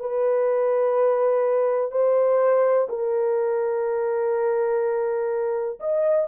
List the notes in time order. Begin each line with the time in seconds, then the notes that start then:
0.00 B4
1.91 C5
2.89 A#4
5.80 D#5